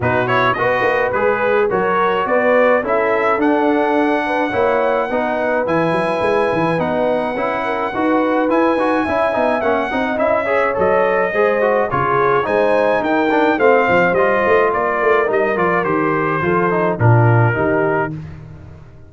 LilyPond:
<<
  \new Staff \with { instrumentName = "trumpet" } { \time 4/4 \tempo 4 = 106 b'8 cis''8 dis''4 b'4 cis''4 | d''4 e''4 fis''2~ | fis''2 gis''2 | fis''2. gis''4~ |
gis''4 fis''4 e''4 dis''4~ | dis''4 cis''4 gis''4 g''4 | f''4 dis''4 d''4 dis''8 d''8 | c''2 ais'2 | }
  \new Staff \with { instrumentName = "horn" } { \time 4/4 fis'4 b'2 ais'4 | b'4 a'2~ a'8 b'8 | cis''4 b'2.~ | b'4. ais'8 b'2 |
e''4. dis''4 cis''4. | c''4 gis'4 c''4 ais'4 | c''2 ais'2~ | ais'4 a'4 f'4 g'4 | }
  \new Staff \with { instrumentName = "trombone" } { \time 4/4 dis'8 e'8 fis'4 gis'4 fis'4~ | fis'4 e'4 d'2 | e'4 dis'4 e'2 | dis'4 e'4 fis'4 e'8 fis'8 |
e'8 dis'8 cis'8 dis'8 e'8 gis'8 a'4 | gis'8 fis'8 f'4 dis'4. d'8 | c'4 f'2 dis'8 f'8 | g'4 f'8 dis'8 d'4 dis'4 | }
  \new Staff \with { instrumentName = "tuba" } { \time 4/4 b,4 b8 ais8 gis4 fis4 | b4 cis'4 d'2 | ais4 b4 e8 fis8 gis8 e8 | b4 cis'4 dis'4 e'8 dis'8 |
cis'8 b8 ais8 c'8 cis'4 fis4 | gis4 cis4 gis4 dis'4 | a8 f8 g8 a8 ais8 a8 g8 f8 | dis4 f4 ais,4 dis4 | }
>>